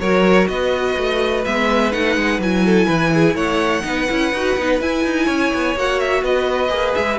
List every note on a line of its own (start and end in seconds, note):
0.00 0.48 F#3
0.00 1.46 F#4
0.00 0.49 A#4
0.00 0.48 C#5
0.48 0.97 B3
0.48 2.65 B4
0.48 1.45 D#5
0.97 1.46 A3
1.46 1.94 G#3
1.46 1.92 B3
1.46 1.93 E5
1.92 2.17 A3
1.92 2.40 D#4
1.92 2.41 F#5
2.17 2.39 G#3
2.39 2.87 F#3
2.39 3.83 E4
2.39 3.37 G#5
2.65 2.87 A4
2.87 3.35 E3
2.87 3.11 B4
3.14 3.36 G#4
3.35 3.83 A3
3.35 3.84 C#5
3.35 4.81 F#5
3.83 4.08 B3
3.83 4.07 D#4
3.83 5.25 B4
4.09 4.32 C#4
4.09 4.33 E4
4.32 4.56 D#4
4.32 4.58 F#4
4.57 4.81 B3
4.57 4.82 D#4
4.81 5.05 E4
4.81 5.77 E4
4.81 5.78 G#5
5.05 5.28 D#4
5.25 5.52 C#4
5.25 6.21 C#5
5.54 5.76 B3
5.76 6.23 A#3
5.76 6.69 F#4
5.76 6.00 F#5
6.00 6.24 E5
6.23 6.70 B3
6.23 7.20 B4
6.23 6.95 D#5
6.69 6.94 A#3
6.69 7.17 G#4
6.95 7.20 G#3
6.95 7.19 E5